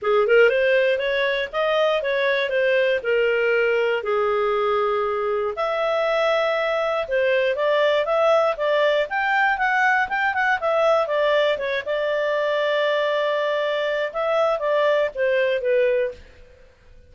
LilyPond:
\new Staff \with { instrumentName = "clarinet" } { \time 4/4 \tempo 4 = 119 gis'8 ais'8 c''4 cis''4 dis''4 | cis''4 c''4 ais'2 | gis'2. e''4~ | e''2 c''4 d''4 |
e''4 d''4 g''4 fis''4 | g''8 fis''8 e''4 d''4 cis''8 d''8~ | d''1 | e''4 d''4 c''4 b'4 | }